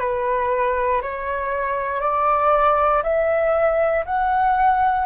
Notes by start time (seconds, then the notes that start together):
0.00 B4
1.02 C#5
2.01 D5
3.03 E5
4.05 F#5